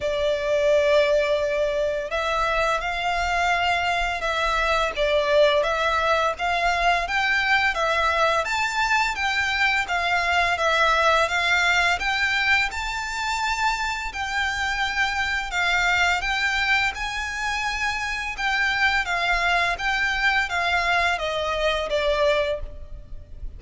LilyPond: \new Staff \with { instrumentName = "violin" } { \time 4/4 \tempo 4 = 85 d''2. e''4 | f''2 e''4 d''4 | e''4 f''4 g''4 e''4 | a''4 g''4 f''4 e''4 |
f''4 g''4 a''2 | g''2 f''4 g''4 | gis''2 g''4 f''4 | g''4 f''4 dis''4 d''4 | }